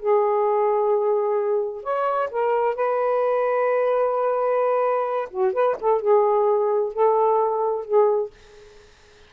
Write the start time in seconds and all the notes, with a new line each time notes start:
0.00 G#4
1.83 C#5
2.31 A#4
2.75 B4
5.31 F#4
5.53 B4
5.81 A4
6.02 G#4
6.94 A4
7.85 G#4